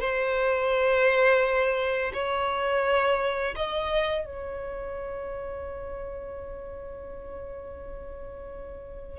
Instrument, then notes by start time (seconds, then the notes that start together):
violin
0.00 C5
2.13 C#5
3.56 D#5
4.25 C#5